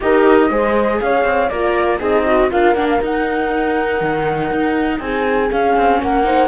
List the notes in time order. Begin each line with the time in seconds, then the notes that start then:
0.00 D#4 G4 A#4 D#5
0.50 G#3 G#4 C5
1.00 C#4 C#5 F5
1.24 C4
1.49 A#3 F4 A#4 D5
1.99 C4 D#4 G#4 D#5
2.26 F#4
2.50 D4 F4 A#4 F5
2.74 A#3 D4 F#5
2.89 F5
3.01 D#4 F#5
4.00 D#3
4.50 D#4
4.99 C4 G#4 G#5
5.51 C#4 F5
5.77 C4
6.01 A#3 A#4 F#5
6.24 D#4 C5